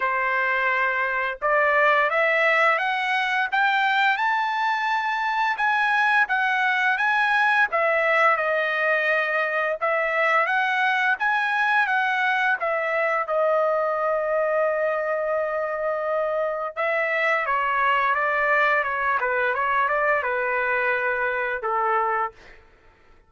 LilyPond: \new Staff \with { instrumentName = "trumpet" } { \time 4/4 \tempo 4 = 86 c''2 d''4 e''4 | fis''4 g''4 a''2 | gis''4 fis''4 gis''4 e''4 | dis''2 e''4 fis''4 |
gis''4 fis''4 e''4 dis''4~ | dis''1 | e''4 cis''4 d''4 cis''8 b'8 | cis''8 d''8 b'2 a'4 | }